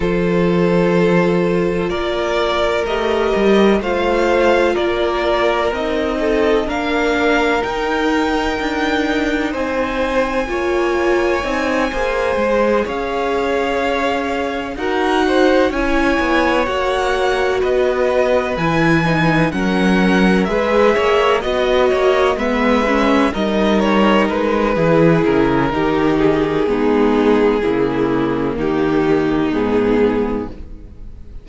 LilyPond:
<<
  \new Staff \with { instrumentName = "violin" } { \time 4/4 \tempo 4 = 63 c''2 d''4 dis''4 | f''4 d''4 dis''4 f''4 | g''2 gis''2~ | gis''4. f''2 fis''8~ |
fis''8 gis''4 fis''4 dis''4 gis''8~ | gis''8 fis''4 e''4 dis''4 e''8~ | e''8 dis''8 cis''8 b'4 ais'4 gis'8~ | gis'2 g'4 gis'4 | }
  \new Staff \with { instrumentName = "violin" } { \time 4/4 a'2 ais'2 | c''4 ais'4. a'8 ais'4~ | ais'2 c''4 cis''4~ | cis''8 c''4 cis''2 ais'8 |
c''8 cis''2 b'4.~ | b'8 ais'4 b'8 cis''8 dis''8 cis''8 b'8~ | b'8 ais'4. gis'4 g'4 | dis'4 e'4 dis'2 | }
  \new Staff \with { instrumentName = "viola" } { \time 4/4 f'2. g'4 | f'2 dis'4 d'4 | dis'2. f'4 | dis'8 gis'2. fis'8~ |
fis'8 e'4 fis'2 e'8 | dis'8 cis'4 gis'4 fis'4 b8 | cis'8 dis'4. e'4 dis'4 | b4 ais2 b4 | }
  \new Staff \with { instrumentName = "cello" } { \time 4/4 f2 ais4 a8 g8 | a4 ais4 c'4 ais4 | dis'4 d'4 c'4 ais4 | c'8 ais8 gis8 cis'2 dis'8~ |
dis'8 cis'8 b8 ais4 b4 e8~ | e8 fis4 gis8 ais8 b8 ais8 gis8~ | gis8 g4 gis8 e8 cis8 dis4 | gis4 cis4 dis4 gis,4 | }
>>